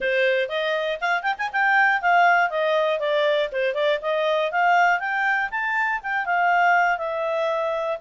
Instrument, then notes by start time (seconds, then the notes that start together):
clarinet
0.00 C5
0.49 D#5
1.00 F5
1.22 G5
1.38 G#5
1.52 G5
2.01 F5
2.50 D#5
2.99 D5
3.51 C5
3.74 D5
4.01 D#5
4.51 F5
4.99 G5
5.50 A5
6.02 G5
6.25 F5
6.98 E5